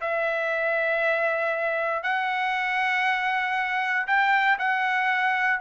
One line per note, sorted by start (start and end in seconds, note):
0.00 2.03 E5
2.03 4.06 F#5
4.07 4.58 G5
4.58 5.60 F#5